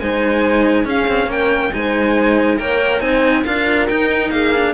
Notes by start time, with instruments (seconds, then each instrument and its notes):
0.00 cello G#3 D#4, horn C5, violin G#5
0.84 cello C#4, horn G#4, violin F5
1.08 cello C4
1.26 cello A#3, horn A#4, violin G5
1.73 cello G#3 D#4, horn C5, violin G#5
2.58 cello A#3 A#4, horn C#5, violin G5
3.00 cello C4 D#4, horn C5, violin G#5
3.44 cello D4 F4, horn A#4, violin F5
3.88 cello D#4, violin G5
4.31 cello A#3, horn G#4, violin F5
4.55 cello D4